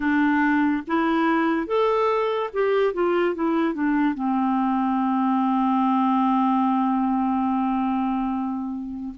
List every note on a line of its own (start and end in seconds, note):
0.00 0.83 D4
0.87 1.66 E4
1.66 2.50 A4
2.53 2.93 G4
2.93 3.34 F4
3.34 3.74 E4
3.74 4.14 D4
4.14 9.14 C4